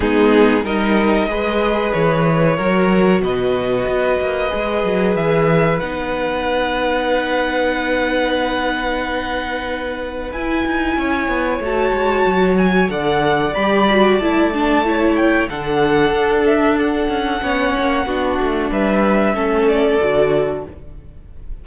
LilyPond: <<
  \new Staff \with { instrumentName = "violin" } { \time 4/4 \tempo 4 = 93 gis'4 dis''2 cis''4~ | cis''4 dis''2. | e''4 fis''2.~ | fis''1 |
gis''2 a''4. gis''8 | fis''4 b''4 a''4. g''8 | fis''4. e''8 fis''2~ | fis''4 e''4. d''4. | }
  \new Staff \with { instrumentName = "violin" } { \time 4/4 dis'4 ais'4 b'2 | ais'4 b'2.~ | b'1~ | b'1~ |
b'4 cis''2. | d''2. cis''4 | a'2. cis''4 | fis'4 b'4 a'2 | }
  \new Staff \with { instrumentName = "viola" } { \time 4/4 b4 dis'4 gis'2 | fis'2. gis'4~ | gis'4 dis'2.~ | dis'1 |
e'2 fis'2 | a'4 g'8 fis'8 e'8 d'8 e'4 | d'2. cis'4 | d'2 cis'4 fis'4 | }
  \new Staff \with { instrumentName = "cello" } { \time 4/4 gis4 g4 gis4 e4 | fis4 b,4 b8 ais8 gis8 fis8 | e4 b2.~ | b1 |
e'8 dis'8 cis'8 b8 a8 gis8 fis4 | d4 g4 a2 | d4 d'4. cis'8 b8 ais8 | b8 a8 g4 a4 d4 | }
>>